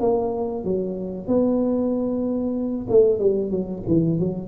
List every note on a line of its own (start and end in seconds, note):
0.00 0.64 A#3
0.64 1.27 F#3
1.27 2.87 B3
2.89 3.19 A3
3.19 3.50 G3
3.50 3.82 F#3
3.87 4.19 E3
4.19 4.48 F#3